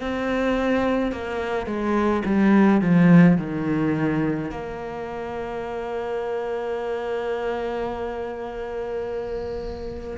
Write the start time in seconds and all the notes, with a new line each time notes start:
0.00 C4
1.12 A#3
1.66 G#3
2.25 G3
2.81 F3
3.38 D#3
4.51 A#3